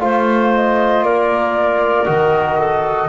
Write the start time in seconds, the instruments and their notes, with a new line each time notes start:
0.00 double bass A3, trombone F4, clarinet C5, flute F5
0.54 flute D#5
1.03 double bass A#3, clarinet A#4, flute D5
2.06 double bass D#3, trombone F#4, flute D#5
2.59 clarinet A4